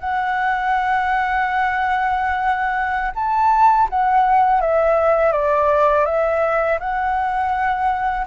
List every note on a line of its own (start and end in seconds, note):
0.00 3.11 F#5
3.15 3.88 A5
3.89 4.61 F#5
4.61 5.32 E5
5.32 6.05 D5
6.05 6.78 E5
6.80 8.26 F#5